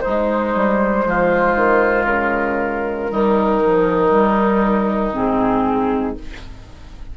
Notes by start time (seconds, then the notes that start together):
0.00 G#3 D#4 C5
0.54 G3
1.05 F3 F4
1.55 D#3
2.04 C#3 A#4
3.09 D#3 G3 D#4
3.63 F3
4.08 G3
5.13 G#2 C4 G#4